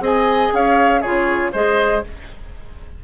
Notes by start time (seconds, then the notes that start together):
0.00 C4 G#4 D#5 G#5
0.53 C#4 C#5 F5
1.01 C#3 F4 G#4 C#5
1.52 G#3 G#4 C5 D#5